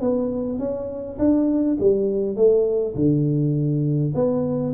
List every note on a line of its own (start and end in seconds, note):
0.00 0.59 B3
0.59 1.17 C#4
1.18 1.77 D4
1.79 2.36 G3
2.36 2.95 A3
2.95 4.13 D3
4.14 4.73 B3